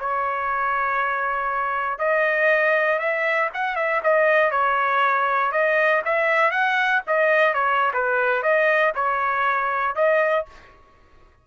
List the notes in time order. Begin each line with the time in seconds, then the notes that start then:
0.00 C#5
1.99 D#5
2.99 E5
3.54 F#5
3.76 E5
4.03 D#5
4.51 C#5
5.52 D#5
6.05 E5
6.51 F#5
7.07 D#5
7.54 C#5
7.94 B4
8.43 D#5
8.95 C#5
9.96 D#5